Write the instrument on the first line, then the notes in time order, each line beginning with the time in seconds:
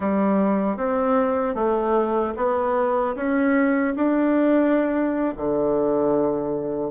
bassoon
0.00 G3
0.76 C4
1.54 A3
2.36 B3
3.15 C#4
3.95 D4
5.36 D3